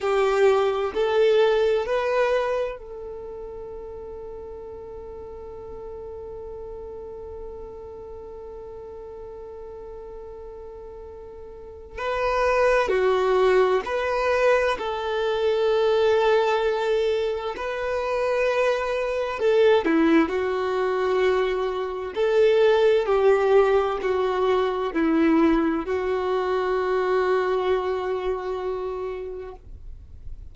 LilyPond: \new Staff \with { instrumentName = "violin" } { \time 4/4 \tempo 4 = 65 g'4 a'4 b'4 a'4~ | a'1~ | a'1~ | a'4 b'4 fis'4 b'4 |
a'2. b'4~ | b'4 a'8 e'8 fis'2 | a'4 g'4 fis'4 e'4 | fis'1 | }